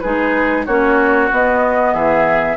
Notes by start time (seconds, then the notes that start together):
0.00 G#3 D#4 G#4 B4
0.65 A#3 C#4 F#4 C#5
1.31 B3 D#5
1.93 E3 G#4 E5